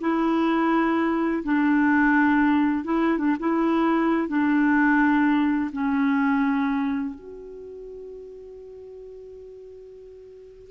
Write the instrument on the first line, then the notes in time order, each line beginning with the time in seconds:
clarinet
0.00 E4
1.43 D4
2.84 E4
3.18 D4
3.39 E4
4.28 D4
5.72 C#4
7.15 F#4